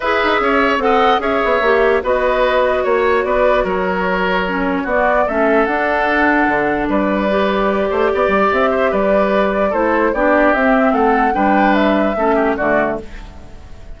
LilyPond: <<
  \new Staff \with { instrumentName = "flute" } { \time 4/4 \tempo 4 = 148 e''2 fis''4 e''4~ | e''4 dis''2 cis''4 | d''4 cis''2. | d''4 e''4 fis''2~ |
fis''4 d''2.~ | d''4 e''4 d''2 | c''4 d''4 e''4 fis''4 | g''4 e''2 d''4 | }
  \new Staff \with { instrumentName = "oboe" } { \time 4/4 b'4 cis''4 dis''4 cis''4~ | cis''4 b'2 cis''4 | b'4 ais'2. | fis'4 a'2.~ |
a'4 b'2~ b'8 c''8 | d''4. c''8 b'2 | a'4 g'2 a'4 | b'2 a'8 g'8 fis'4 | }
  \new Staff \with { instrumentName = "clarinet" } { \time 4/4 gis'2 a'4 gis'4 | g'4 fis'2.~ | fis'2. cis'4 | b4 cis'4 d'2~ |
d'2 g'2~ | g'1 | e'4 d'4 c'2 | d'2 cis'4 a4 | }
  \new Staff \with { instrumentName = "bassoon" } { \time 4/4 e'8 dis'8 cis'4 c'4 cis'8 b8 | ais4 b2 ais4 | b4 fis2. | b4 a4 d'2 |
d4 g2~ g8 a8 | b8 g8 c'4 g2 | a4 b4 c'4 a4 | g2 a4 d4 | }
>>